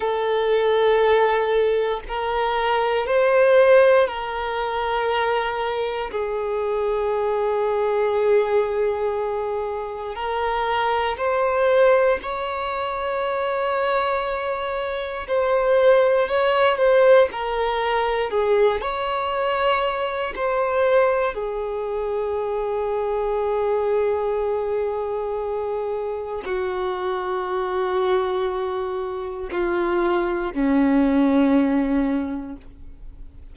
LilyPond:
\new Staff \with { instrumentName = "violin" } { \time 4/4 \tempo 4 = 59 a'2 ais'4 c''4 | ais'2 gis'2~ | gis'2 ais'4 c''4 | cis''2. c''4 |
cis''8 c''8 ais'4 gis'8 cis''4. | c''4 gis'2.~ | gis'2 fis'2~ | fis'4 f'4 cis'2 | }